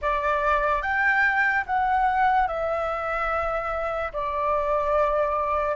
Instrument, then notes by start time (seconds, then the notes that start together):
flute
0.01 D5
0.82 G5
1.66 F#5
2.47 E5
4.12 D5